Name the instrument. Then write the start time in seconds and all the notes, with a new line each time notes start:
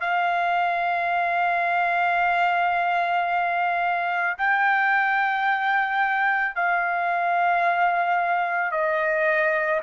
trumpet
0.00 F5
4.37 G5
6.55 F5
8.71 D#5